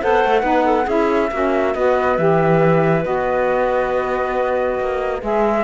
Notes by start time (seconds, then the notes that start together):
0.00 B3 A4 C5 F#5
0.24 A3
0.42 B3 D#4 B4
0.65 A4
0.85 C#4 E4 G#4 E5
1.31 A#3 C#4 F#4
1.75 B3 F#4 B4 D#5
2.17 E3 G4 E5
3.02 B3 F#4 D#5
4.80 A#3
5.21 G#3 G#4 E5